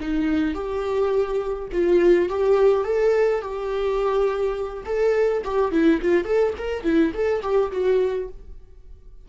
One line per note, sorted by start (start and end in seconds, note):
0.00 0.54 D#4
0.54 1.68 G4
1.72 2.29 F4
2.29 2.84 G4
2.84 3.41 A4
3.41 4.84 G4
4.85 5.43 A4
5.44 5.71 G4
5.71 6.00 E4
6.01 6.24 F4
6.24 6.53 A4
6.58 6.83 A#4
6.83 7.12 E4
7.14 7.42 A4
7.42 7.71 G4
7.71 8.28 F#4